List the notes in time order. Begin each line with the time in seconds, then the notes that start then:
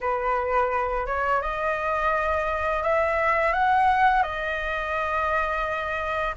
0.00 B4
1.06 C#5
1.41 D#5
2.82 E5
3.52 F#5
4.23 D#5